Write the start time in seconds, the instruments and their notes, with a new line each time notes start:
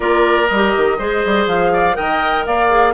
0.00 bassoon A#3, clarinet F4, oboe A#4, flute D5
0.47 bassoon G3, flute D#5
0.54 clarinet G4
0.76 bassoon D#3
0.98 bassoon G#3, clarinet G#4, oboe C5
1.25 bassoon G3
1.47 bassoon F3, flute F5
1.72 oboe D5
1.93 bassoon D#3, clarinet A#4, oboe D#5, flute G5
2.45 bassoon A#3, oboe D5, flute F5
2.69 clarinet G#4